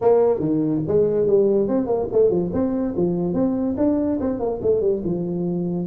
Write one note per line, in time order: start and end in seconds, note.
0.01 0.39 A#3
0.39 0.81 D#3
0.87 1.26 G#3
1.26 1.68 G3
1.68 1.86 C4
1.86 2.07 A#3
2.12 2.30 A3
2.30 2.51 F3
2.53 2.95 C4
2.96 3.33 F3
3.33 3.75 C4
3.77 4.19 D4
4.20 4.39 C4
4.39 4.60 A#3
4.62 4.80 A3
4.80 5.01 G3
5.04 5.87 F3